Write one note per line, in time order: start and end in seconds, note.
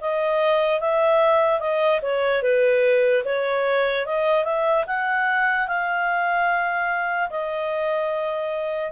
0.00 0.80 D#5
0.80 1.60 E5
1.60 2.00 D#5
2.02 2.42 C#5
2.42 3.23 B4
3.25 4.06 C#5
4.06 4.44 D#5
4.44 4.85 E5
4.86 5.67 F#5
5.67 7.29 F5
7.30 8.92 D#5